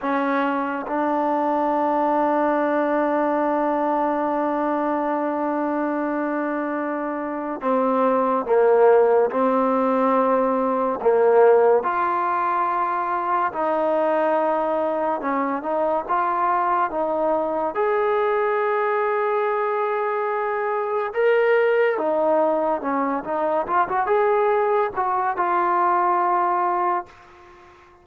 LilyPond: \new Staff \with { instrumentName = "trombone" } { \time 4/4 \tempo 4 = 71 cis'4 d'2.~ | d'1~ | d'4 c'4 ais4 c'4~ | c'4 ais4 f'2 |
dis'2 cis'8 dis'8 f'4 | dis'4 gis'2.~ | gis'4 ais'4 dis'4 cis'8 dis'8 | f'16 fis'16 gis'4 fis'8 f'2 | }